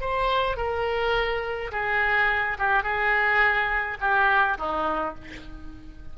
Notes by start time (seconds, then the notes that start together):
0.00 C5
0.57 A#4
1.71 G#4
2.58 G4
2.83 G#4
4.00 G4
4.57 D#4